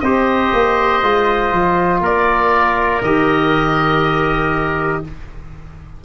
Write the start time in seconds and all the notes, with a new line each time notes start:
0.00 C4 G4 C5 D#5
0.53 A#3
1.02 G#3 F4
1.52 F3
2.01 A#3 A#4 D5
3.02 D#3 G4 D#5